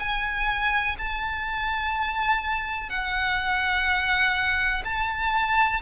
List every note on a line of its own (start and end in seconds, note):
0.00 0.97 G#5
0.99 2.90 A5
2.90 4.84 F#5
4.85 5.82 A5